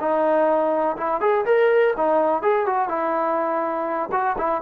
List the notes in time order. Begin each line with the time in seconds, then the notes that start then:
0.00 D#4
0.97 E4
1.21 G#4
1.46 A#4
1.97 D#4
2.42 G#4
2.66 F#4
2.89 E4
4.12 F#4
4.38 E4